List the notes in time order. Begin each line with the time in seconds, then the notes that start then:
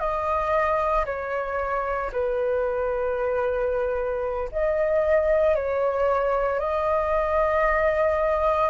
0.00 D#5
1.06 C#5
2.12 B4
4.52 D#5
5.56 C#5
6.60 D#5